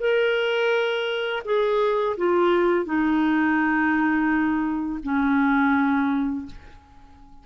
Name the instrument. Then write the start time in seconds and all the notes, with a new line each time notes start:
clarinet
0.00 A#4
1.45 G#4
2.18 F4
2.85 D#4
5.03 C#4